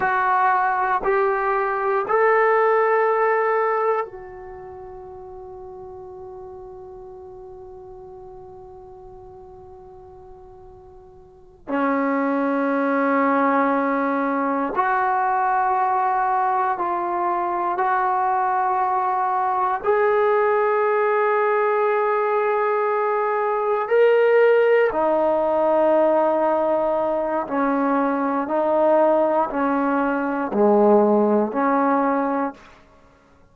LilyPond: \new Staff \with { instrumentName = "trombone" } { \time 4/4 \tempo 4 = 59 fis'4 g'4 a'2 | fis'1~ | fis'2.~ fis'8 cis'8~ | cis'2~ cis'8 fis'4.~ |
fis'8 f'4 fis'2 gis'8~ | gis'2.~ gis'8 ais'8~ | ais'8 dis'2~ dis'8 cis'4 | dis'4 cis'4 gis4 cis'4 | }